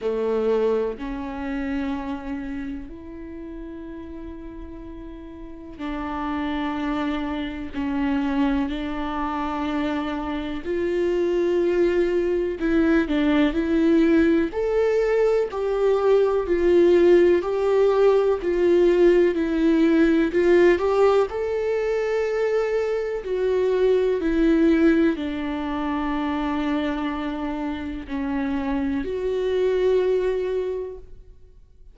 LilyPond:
\new Staff \with { instrumentName = "viola" } { \time 4/4 \tempo 4 = 62 a4 cis'2 e'4~ | e'2 d'2 | cis'4 d'2 f'4~ | f'4 e'8 d'8 e'4 a'4 |
g'4 f'4 g'4 f'4 | e'4 f'8 g'8 a'2 | fis'4 e'4 d'2~ | d'4 cis'4 fis'2 | }